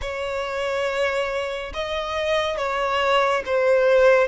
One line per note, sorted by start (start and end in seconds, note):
0.01 1.72 C#5
1.73 2.57 D#5
2.57 3.42 C#5
3.45 4.27 C5